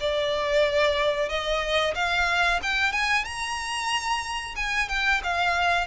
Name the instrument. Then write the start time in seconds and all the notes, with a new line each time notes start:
violin
0.00 D5
1.29 D#5
1.95 F5
2.63 G5
2.92 G#5
3.25 A#5
4.56 G#5
4.89 G5
5.23 F5